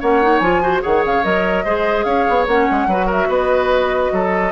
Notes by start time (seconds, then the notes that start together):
0.00 A#3 C#4 C#5 F#5
0.22 D#4
0.38 F3 F4 G#5
0.62 F#4 C5
0.81 D#3 G#4 C#5 F#5
1.04 C#3 F5
1.23 F#3 A#4 D#5
1.64 G#3 G#4 C5
2.04 C#4 C#5 F5
2.29 B3
2.46 A#3 C#4 F#5
2.70 G#3
2.86 F#3 F#4 B4
3.06 A#4 E5
3.28 B3 B4 D#5
4.12 F#3 A4